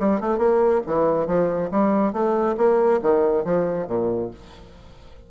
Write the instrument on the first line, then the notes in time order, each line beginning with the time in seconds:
bassoon
0.00 G3
0.21 A3
0.38 A#3
0.87 E3
1.27 F3
1.71 G3
2.13 A3
2.58 A#3
3.02 D#3
3.45 F3
3.88 A#2